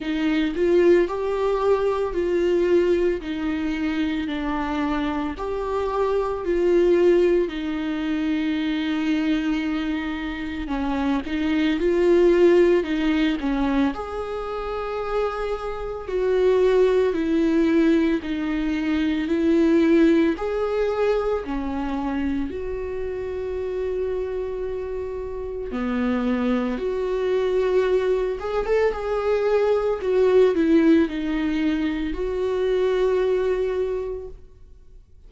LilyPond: \new Staff \with { instrumentName = "viola" } { \time 4/4 \tempo 4 = 56 dis'8 f'8 g'4 f'4 dis'4 | d'4 g'4 f'4 dis'4~ | dis'2 cis'8 dis'8 f'4 | dis'8 cis'8 gis'2 fis'4 |
e'4 dis'4 e'4 gis'4 | cis'4 fis'2. | b4 fis'4. gis'16 a'16 gis'4 | fis'8 e'8 dis'4 fis'2 | }